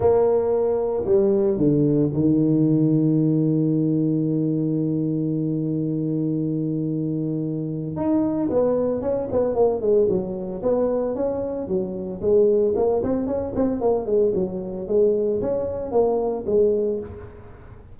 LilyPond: \new Staff \with { instrumentName = "tuba" } { \time 4/4 \tempo 4 = 113 ais2 g4 d4 | dis1~ | dis1~ | dis2. dis'4 |
b4 cis'8 b8 ais8 gis8 fis4 | b4 cis'4 fis4 gis4 | ais8 c'8 cis'8 c'8 ais8 gis8 fis4 | gis4 cis'4 ais4 gis4 | }